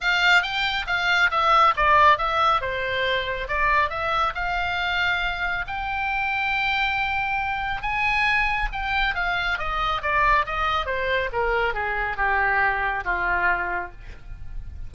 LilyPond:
\new Staff \with { instrumentName = "oboe" } { \time 4/4 \tempo 4 = 138 f''4 g''4 f''4 e''4 | d''4 e''4 c''2 | d''4 e''4 f''2~ | f''4 g''2.~ |
g''2 gis''2 | g''4 f''4 dis''4 d''4 | dis''4 c''4 ais'4 gis'4 | g'2 f'2 | }